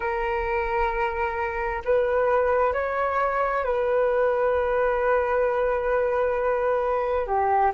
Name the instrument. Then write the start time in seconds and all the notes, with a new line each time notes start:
flute
0.00 A#4
1.84 B4
2.73 C#5
3.64 B4
7.26 G4